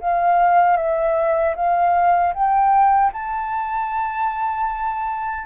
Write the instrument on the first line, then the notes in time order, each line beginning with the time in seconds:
flute
0.00 F5
0.77 E5
1.55 F5
2.34 G5
3.13 A5